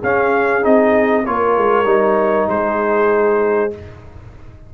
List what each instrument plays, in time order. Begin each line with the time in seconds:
0.00 trombone C#4, tuba C#4, horn G#4, trumpet F5
0.62 tuba C4, trombone D#4, trumpet D#5
1.26 tuba A#3, trombone F4, horn A#4, trumpet C#5
1.57 tuba G#3
1.85 tuba G3, trombone D#4
2.48 tuba G#3, horn G#4, trumpet C5